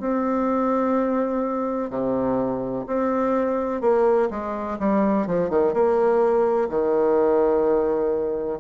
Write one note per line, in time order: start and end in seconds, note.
0.00 1.90 C4
1.90 2.85 C3
2.87 3.81 C4
3.81 4.29 A#3
4.30 4.78 G#3
4.79 5.26 G3
5.26 5.49 F3
5.49 5.73 D#3
5.73 6.68 A#3
6.69 8.60 D#3